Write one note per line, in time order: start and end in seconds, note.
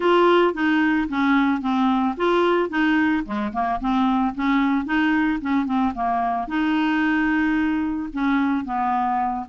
0.00 0.54 F4
0.54 1.08 D#4
1.08 1.61 C#4
1.61 2.15 C4
2.16 2.69 F4
2.69 3.23 D#4
3.25 3.52 G#3
3.53 3.80 A#3
3.80 4.34 C4
4.34 4.85 C#4
4.85 5.39 D#4
5.41 5.65 C#4
5.65 5.92 C4
5.94 6.47 A#3
6.47 8.09 D#4
8.12 8.65 C#4
8.65 9.46 B3